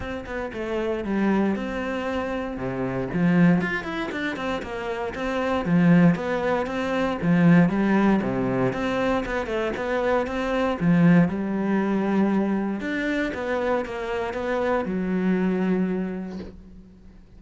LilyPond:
\new Staff \with { instrumentName = "cello" } { \time 4/4 \tempo 4 = 117 c'8 b8 a4 g4 c'4~ | c'4 c4 f4 f'8 e'8 | d'8 c'8 ais4 c'4 f4 | b4 c'4 f4 g4 |
c4 c'4 b8 a8 b4 | c'4 f4 g2~ | g4 d'4 b4 ais4 | b4 fis2. | }